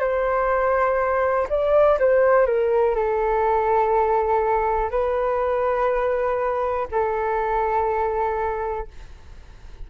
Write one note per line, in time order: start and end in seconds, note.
0.00 1.48 C5
1.49 1.99 D5
1.99 2.46 C5
2.46 2.96 A#4
2.96 4.91 A4
4.91 6.88 B4
6.91 8.88 A4